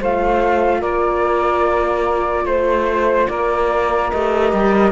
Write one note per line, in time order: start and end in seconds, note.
0.00 0.83 A3
0.00 4.14 F4
0.00 0.80 C5
0.00 0.82 F5
0.80 2.45 A#3
0.80 2.44 A#4
0.80 2.46 D5
2.45 3.27 A3
2.45 3.28 C5
2.45 3.29 C5
3.28 4.12 A#3
3.28 4.92 A#4
3.28 4.10 D5
4.11 4.53 A3
4.11 4.92 G4
4.11 4.92 D#5
4.53 4.92 G3